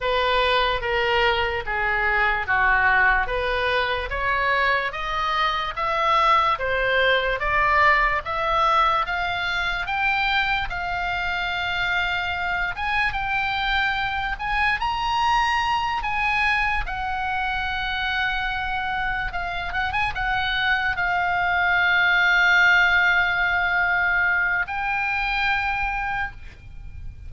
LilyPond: \new Staff \with { instrumentName = "oboe" } { \time 4/4 \tempo 4 = 73 b'4 ais'4 gis'4 fis'4 | b'4 cis''4 dis''4 e''4 | c''4 d''4 e''4 f''4 | g''4 f''2~ f''8 gis''8 |
g''4. gis''8 ais''4. gis''8~ | gis''8 fis''2. f''8 | fis''16 gis''16 fis''4 f''2~ f''8~ | f''2 g''2 | }